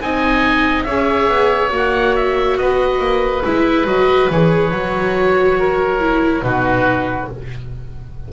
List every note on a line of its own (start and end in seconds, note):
0.00 0.86 C4
0.00 0.86 D#4
0.00 0.85 D#5
0.00 0.83 G#5
0.83 1.28 C#4
0.83 1.69 G#4
0.83 2.56 C#5
0.83 1.69 E5
1.28 1.71 B3
1.69 2.57 A#3
1.69 3.41 F#4
1.76 2.15 F#5
2.15 2.57 E5
2.57 2.99 B3
2.57 5.59 B4
2.57 3.43 D#5
2.99 3.42 A#3
3.44 3.84 G#3
3.44 3.87 E4
3.44 3.86 E5
3.84 4.27 F#3
3.84 4.29 F#4
3.84 4.29 D#5
4.30 4.71 E3
4.30 4.73 G#4
4.30 6.42 C#5
4.71 6.42 F#3
4.71 5.99 F#4
5.59 6.44 A#4
5.99 6.42 E4
6.42 7.27 B2
6.42 7.28 D#4
6.42 7.32 F#4
6.42 7.28 B4